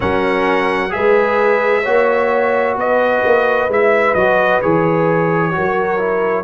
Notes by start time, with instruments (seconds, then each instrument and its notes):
0.00 tuba F#3, trombone C#4, horn A#4, trumpet F#5
0.89 tuba G#3, trombone G#4, horn B4, trumpet E5
1.82 tuba A#3, trombone F#4, horn C#5
2.76 tuba B3, horn B4, trumpet D#5
3.25 tuba A#3
3.67 tuba G#3, trombone E4, trumpet E5
4.14 tuba F#3, trombone F#4, trumpet D#5
4.61 tuba E3, trombone G#4, trumpet C#5
5.52 tuba F#3, trombone F#4, horn A#4
5.98 trombone E4